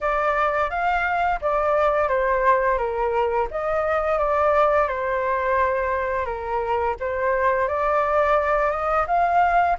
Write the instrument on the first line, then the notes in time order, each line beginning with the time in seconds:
flute
0.00 D5
0.69 F5
1.41 D5
2.08 C5
2.77 A#4
3.50 D#5
4.18 D5
4.87 C5
6.25 A#4
7.00 C5
7.67 D5
8.71 D#5
9.07 F5